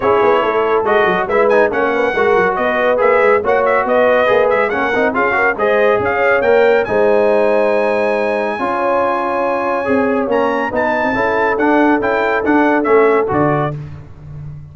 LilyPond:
<<
  \new Staff \with { instrumentName = "trumpet" } { \time 4/4 \tempo 4 = 140 cis''2 dis''4 e''8 gis''8 | fis''2 dis''4 e''4 | fis''8 e''8 dis''4. e''8 fis''4 | f''4 dis''4 f''4 g''4 |
gis''1~ | gis''1 | ais''4 a''2 fis''4 | g''4 fis''4 e''4 d''4 | }
  \new Staff \with { instrumentName = "horn" } { \time 4/4 gis'4 a'2 b'4 | cis''8 b'8 ais'4 b'2 | cis''4 b'2 ais'4 | gis'8 ais'8 c''4 cis''2 |
c''1 | cis''1~ | cis''4 b'4 a'2~ | a'1 | }
  \new Staff \with { instrumentName = "trombone" } { \time 4/4 e'2 fis'4 e'8 dis'8 | cis'4 fis'2 gis'4 | fis'2 gis'4 cis'8 dis'8 | f'8 fis'8 gis'2 ais'4 |
dis'1 | f'2. gis'4 | cis'4 dis'4 e'4 d'4 | e'4 d'4 cis'4 fis'4 | }
  \new Staff \with { instrumentName = "tuba" } { \time 4/4 cis'8 b8 a4 gis8 fis8 gis4 | ais4 gis8 fis8 b4 ais8 gis8 | ais4 b4 ais8 gis8 ais8 c'8 | cis'4 gis4 cis'4 ais4 |
gis1 | cis'2. c'4 | ais4 b8. c'16 cis'4 d'4 | cis'4 d'4 a4 d4 | }
>>